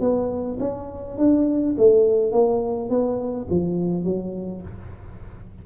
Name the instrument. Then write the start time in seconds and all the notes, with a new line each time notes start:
tuba
0.00 B3
0.60 C#4
1.18 D4
1.78 A3
2.32 A#3
2.89 B3
3.50 F3
4.04 F#3